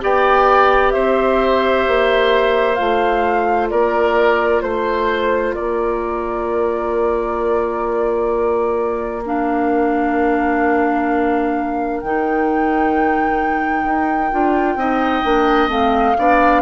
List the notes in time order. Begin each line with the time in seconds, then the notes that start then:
0.00 B3 G4 D5 G5
0.91 C4 C5 E5
1.87 A#3
2.75 A3 F4 F5
3.69 A#3 A#4 D5
4.61 A3 C5
5.54 A#3 A#4 D5
9.25 D4 F5
12.00 D#3 D#4 G5
13.84 D#4
14.32 D4 F4
14.75 C4 D#4 D#5
15.24 A#3 D4
15.68 A3 C4 F5
16.18 B3 D4 D5